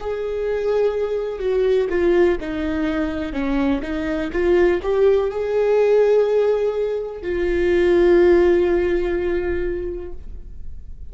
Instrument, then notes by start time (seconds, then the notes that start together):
viola
0.00 G#4
1.39 F#4
1.90 F4
2.40 D#4
3.33 C#4
3.82 D#4
4.32 F4
4.82 G4
5.30 G#4
7.22 F4